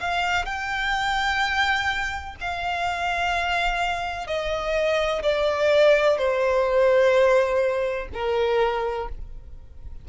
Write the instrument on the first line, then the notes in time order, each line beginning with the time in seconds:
violin
0.00 F5
0.45 G5
2.40 F5
4.26 D#5
5.22 D5
6.17 C5
8.13 A#4